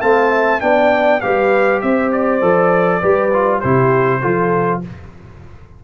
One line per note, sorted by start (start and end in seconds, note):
0.00 0.60 A3
0.00 0.60 C4
0.00 0.31 F5
0.00 0.60 A5
0.31 0.61 E5
0.60 1.22 B3
0.60 1.20 D4
0.60 1.23 D5
0.60 1.20 G5
1.20 1.83 G3
1.20 2.41 G4
1.20 1.83 B4
1.20 1.80 F5
1.81 2.42 C4
1.81 3.00 C5
1.81 2.11 E5
2.12 3.60 D5
2.41 3.02 F3
2.41 3.01 A4
3.00 3.63 G3
3.00 3.31 G4
3.00 3.60 B4
3.33 3.63 F4
3.60 4.24 C3
3.60 4.21 E4
3.60 4.20 G4
3.60 4.80 C5
4.21 4.83 F3
4.21 4.81 F4
4.21 4.81 A4